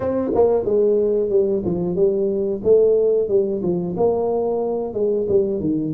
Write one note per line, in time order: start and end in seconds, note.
0.00 0.31 C4
0.34 0.64 A#3
0.64 1.29 G#3
1.29 1.62 G3
1.65 1.95 F3
1.95 2.61 G3
2.63 3.28 A3
3.28 3.61 G3
3.62 3.95 F3
3.97 4.93 A#3
4.93 5.26 G#3
5.28 5.60 G3
5.60 5.93 D#3